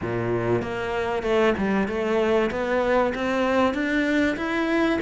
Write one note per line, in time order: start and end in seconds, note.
0.01 0.62 A#2
0.62 1.22 A#3
1.22 1.54 A3
1.57 1.88 G3
1.88 2.50 A3
2.50 3.13 B3
3.14 3.74 C4
3.74 4.36 D4
4.36 4.99 E4